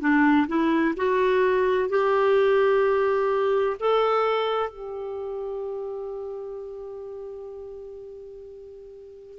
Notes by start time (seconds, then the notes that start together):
0.00 D4
0.47 E4
0.96 F#4
1.89 G4
3.79 A4
4.70 G4